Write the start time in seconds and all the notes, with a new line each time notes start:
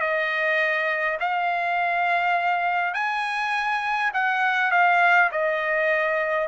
0.00 D#5
1.20 F5
2.94 G#5
4.13 F#5
4.71 F5
5.31 D#5